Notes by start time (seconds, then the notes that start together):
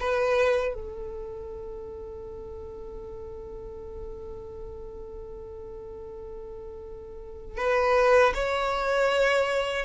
0.00 B4
0.74 A4
7.57 B4
8.34 C#5